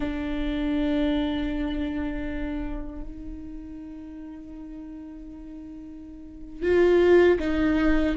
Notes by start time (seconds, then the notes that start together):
0.00 D4
3.02 D#4
6.62 F4
7.39 D#4